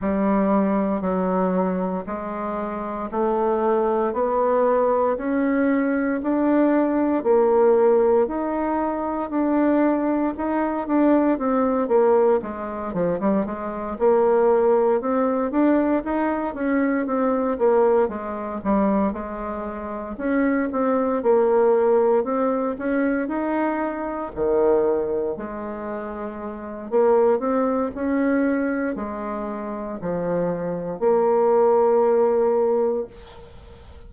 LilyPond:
\new Staff \with { instrumentName = "bassoon" } { \time 4/4 \tempo 4 = 58 g4 fis4 gis4 a4 | b4 cis'4 d'4 ais4 | dis'4 d'4 dis'8 d'8 c'8 ais8 | gis8 f16 g16 gis8 ais4 c'8 d'8 dis'8 |
cis'8 c'8 ais8 gis8 g8 gis4 cis'8 | c'8 ais4 c'8 cis'8 dis'4 dis8~ | dis8 gis4. ais8 c'8 cis'4 | gis4 f4 ais2 | }